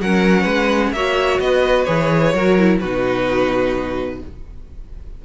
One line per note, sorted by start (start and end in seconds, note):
0.00 0.45 F#3
0.00 0.95 C#4
0.00 0.42 A#4
0.00 0.92 F#5
0.42 0.92 G#3
0.42 0.89 B4
0.92 1.39 A#3
0.92 1.86 F#4
0.92 1.42 C#5
0.92 1.39 E5
1.39 1.86 B3
1.39 2.33 B4
1.39 1.84 D#5
1.84 2.33 E3
1.84 2.33 G#4
1.84 2.78 C#5
2.33 2.80 F#3
2.33 2.58 F#4
2.33 2.79 A#4
2.58 2.81 E4
2.79 4.22 B2
2.79 4.25 D#4
2.79 4.20 F#4
2.79 4.20 B4